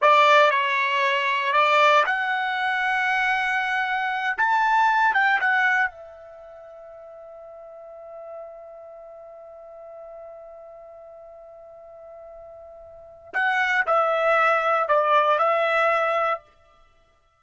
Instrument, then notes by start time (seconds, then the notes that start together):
trumpet
0.01 D5
0.50 C#5
1.52 D5
2.06 F#5
4.37 A5
5.14 G5
5.40 F#5
5.90 E5
13.33 F#5
13.86 E5
14.88 D5
15.38 E5